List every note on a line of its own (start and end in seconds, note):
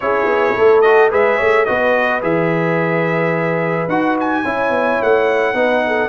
0.00 0.25 C#4
0.00 0.84 E4
0.00 0.56 G#4
0.00 0.81 C#5
0.25 0.53 B3
0.56 1.11 A3
0.56 1.11 A4
0.81 1.10 F#4
0.81 1.09 D#5
1.10 1.39 G#3
1.10 1.66 G#4
1.10 1.37 B4
1.10 1.65 E5
1.37 1.68 A3
1.37 1.65 C#5
1.65 2.22 B3
1.65 2.21 F#4
1.65 4.45 B4
1.65 2.20 D#5
2.21 3.88 E3
2.21 3.88 G#4
2.21 3.89 E5
3.88 4.43 D#4
3.88 4.45 F#4
3.88 4.16 F#5
4.19 5.02 G#5
4.44 4.69 C#4
4.44 5.54 E4
4.44 5.55 C#5
4.69 4.97 B3
5.02 5.54 A3
5.02 6.09 F#5
5.54 6.09 B3
5.54 6.09 D#4
5.54 5.83 B4
5.86 6.09 A4